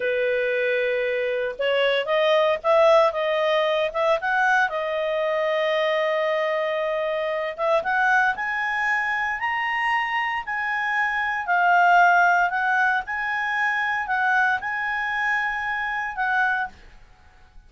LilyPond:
\new Staff \with { instrumentName = "clarinet" } { \time 4/4 \tempo 4 = 115 b'2. cis''4 | dis''4 e''4 dis''4. e''8 | fis''4 dis''2.~ | dis''2~ dis''8 e''8 fis''4 |
gis''2 ais''2 | gis''2 f''2 | fis''4 gis''2 fis''4 | gis''2. fis''4 | }